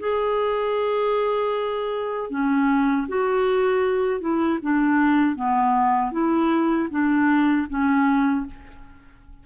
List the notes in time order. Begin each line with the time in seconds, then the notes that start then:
0.00 G#4
2.30 C#4
3.08 F#4
4.20 E4
4.62 D4
5.36 B3
6.12 E4
6.90 D4
7.69 C#4